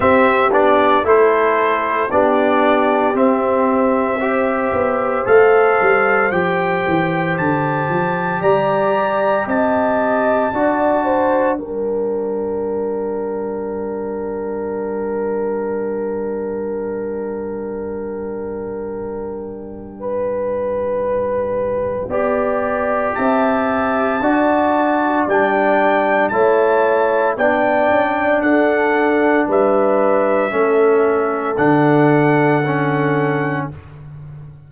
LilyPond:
<<
  \new Staff \with { instrumentName = "trumpet" } { \time 4/4 \tempo 4 = 57 e''8 d''8 c''4 d''4 e''4~ | e''4 f''4 g''4 a''4 | ais''4 a''2 g''4~ | g''1~ |
g''1~ | g''2 a''2 | g''4 a''4 g''4 fis''4 | e''2 fis''2 | }
  \new Staff \with { instrumentName = "horn" } { \time 4/4 g'4 a'4 g'2 | c''1 | d''4 dis''4 d''8 c''8 ais'4~ | ais'1~ |
ais'2. b'4~ | b'4 d''4 e''4 d''4~ | d''4 cis''4 d''4 a'4 | b'4 a'2. | }
  \new Staff \with { instrumentName = "trombone" } { \time 4/4 c'8 d'8 e'4 d'4 c'4 | g'4 a'4 g'2~ | g'2 fis'4 d'4~ | d'1~ |
d'1~ | d'4 g'2 fis'4 | d'4 e'4 d'2~ | d'4 cis'4 d'4 cis'4 | }
  \new Staff \with { instrumentName = "tuba" } { \time 4/4 c'8 b8 a4 b4 c'4~ | c'8 b8 a8 g8 f8 e8 d8 f8 | g4 c'4 d'4 g4~ | g1~ |
g1~ | g4 b4 c'4 d'4 | g4 a4 b8 cis'8 d'4 | g4 a4 d2 | }
>>